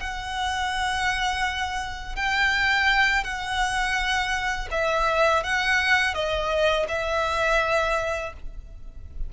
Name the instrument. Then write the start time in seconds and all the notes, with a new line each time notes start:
violin
0.00 F#5
2.16 G5
3.24 F#5
4.71 E5
5.43 F#5
6.14 D#5
6.89 E5